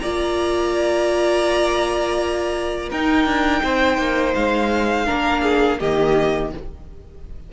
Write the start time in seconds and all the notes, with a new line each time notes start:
0.00 A#3 F4 D5 A#5
2.90 D#4 A#4 G5
3.26 D4
3.64 C4 C5
3.98 A#3
4.35 G#3 F5
5.06 D4 A#4
5.12 A#3
5.43 G#4
5.80 D#3 A#3 G4 D#5